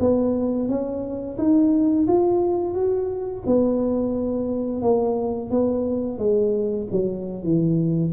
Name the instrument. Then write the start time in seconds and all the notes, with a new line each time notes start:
tuba
0.00 B3
0.69 C#4
1.38 D#4
2.08 F4
2.74 F#4
3.46 B3
4.82 A#3
5.50 B3
6.18 G#3
6.92 F#3
7.43 E3